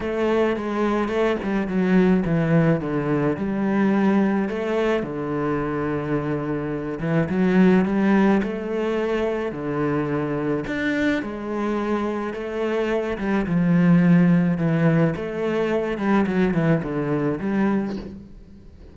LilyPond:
\new Staff \with { instrumentName = "cello" } { \time 4/4 \tempo 4 = 107 a4 gis4 a8 g8 fis4 | e4 d4 g2 | a4 d2.~ | d8 e8 fis4 g4 a4~ |
a4 d2 d'4 | gis2 a4. g8 | f2 e4 a4~ | a8 g8 fis8 e8 d4 g4 | }